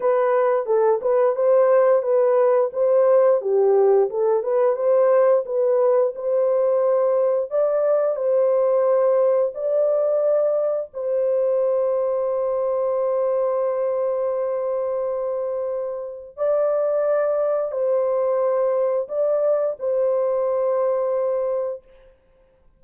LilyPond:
\new Staff \with { instrumentName = "horn" } { \time 4/4 \tempo 4 = 88 b'4 a'8 b'8 c''4 b'4 | c''4 g'4 a'8 b'8 c''4 | b'4 c''2 d''4 | c''2 d''2 |
c''1~ | c''1 | d''2 c''2 | d''4 c''2. | }